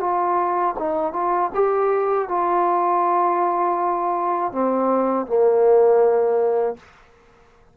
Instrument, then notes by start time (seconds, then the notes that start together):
trombone
0.00 F4
0.79 D#4
1.13 F4
1.54 G4
2.29 F4
4.52 C4
5.27 A#3